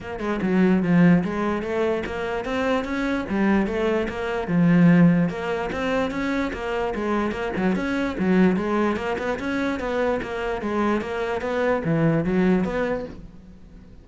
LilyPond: \new Staff \with { instrumentName = "cello" } { \time 4/4 \tempo 4 = 147 ais8 gis8 fis4 f4 gis4 | a4 ais4 c'4 cis'4 | g4 a4 ais4 f4~ | f4 ais4 c'4 cis'4 |
ais4 gis4 ais8 fis8 cis'4 | fis4 gis4 ais8 b8 cis'4 | b4 ais4 gis4 ais4 | b4 e4 fis4 b4 | }